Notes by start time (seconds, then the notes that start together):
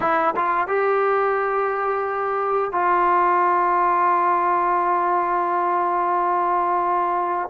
0.00 E4
0.36 F4
0.67 G4
2.71 F4